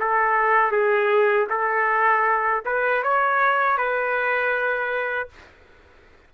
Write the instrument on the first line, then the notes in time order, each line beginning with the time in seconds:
trumpet
0.00 A4
0.72 G#4
1.50 A4
2.65 B4
3.03 C#5
3.78 B4